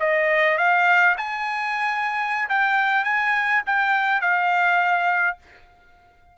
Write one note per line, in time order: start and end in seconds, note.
0.00 0.58 D#5
0.58 1.16 F5
1.18 2.49 G#5
2.49 3.04 G5
3.04 3.62 G#5
3.66 4.21 G5
4.21 5.38 F5